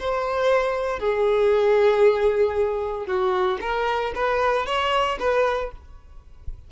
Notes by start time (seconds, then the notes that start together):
0.00 C5
1.00 G#4
3.07 F#4
3.61 A#4
4.15 B4
4.66 C#5
5.20 B4